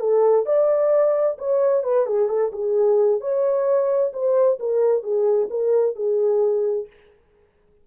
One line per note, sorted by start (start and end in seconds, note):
0.00 0.46 A4
0.46 1.38 D5
1.38 1.84 C#5
1.84 2.06 B4
2.06 2.29 G#4
2.29 2.52 A4
2.52 3.21 G#4
3.21 4.12 C#5
4.13 4.59 C5
4.59 5.03 A#4
5.03 5.49 G#4
5.50 5.96 A#4
5.96 6.87 G#4